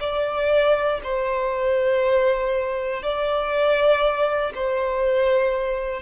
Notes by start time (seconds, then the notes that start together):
0.00 D5
1.03 C5
3.02 D5
4.55 C5